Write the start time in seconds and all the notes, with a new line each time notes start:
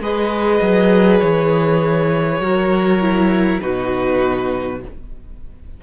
0.00 G#3 G#4 B4 D#5
0.62 F#3
1.20 E3 C#5
2.40 F#3 F#4 A#4
3.02 E4
3.61 B2 D#4 F#4 B4